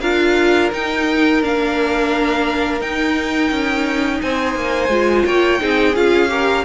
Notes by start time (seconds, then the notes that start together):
0.00 D4 F4 A#4 F5
0.72 D#4 G5
1.42 A#3 D4 F5
2.80 D#4 G5
3.51 C#4
4.21 C4 C5 G#5
4.55 A#3
4.88 G#3 F4
5.25 A#3 C#5 G5
5.59 C4 D#4 G#4
5.95 C#4 F4 F5
6.28 G4 A#4